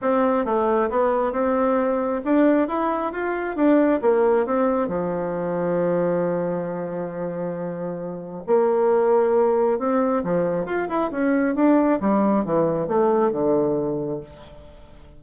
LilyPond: \new Staff \with { instrumentName = "bassoon" } { \time 4/4 \tempo 4 = 135 c'4 a4 b4 c'4~ | c'4 d'4 e'4 f'4 | d'4 ais4 c'4 f4~ | f1~ |
f2. ais4~ | ais2 c'4 f4 | f'8 e'8 cis'4 d'4 g4 | e4 a4 d2 | }